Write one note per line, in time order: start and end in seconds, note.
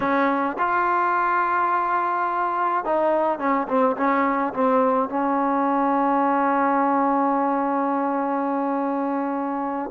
0.00 0.56 C#4
0.58 2.84 F4
2.84 3.38 D#4
3.38 3.67 C#4
3.67 3.96 C4
3.96 4.53 C#4
4.53 5.09 C4
5.09 9.90 C#4